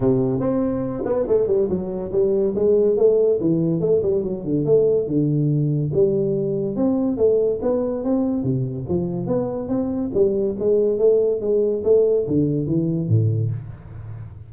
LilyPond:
\new Staff \with { instrumentName = "tuba" } { \time 4/4 \tempo 4 = 142 c4 c'4. b8 a8 g8 | fis4 g4 gis4 a4 | e4 a8 g8 fis8 d8 a4 | d2 g2 |
c'4 a4 b4 c'4 | c4 f4 b4 c'4 | g4 gis4 a4 gis4 | a4 d4 e4 a,4 | }